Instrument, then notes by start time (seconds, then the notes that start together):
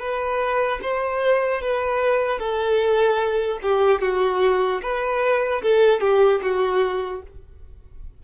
violin
0.00 B4
0.83 C5
1.61 B4
2.39 A4
3.63 G4
4.01 F#4
4.82 B4
5.62 A4
6.01 G4
6.42 F#4